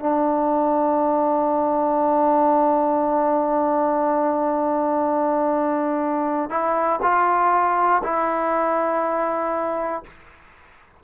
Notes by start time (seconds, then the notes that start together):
0.00 D4
6.50 E4
7.03 F4
8.04 E4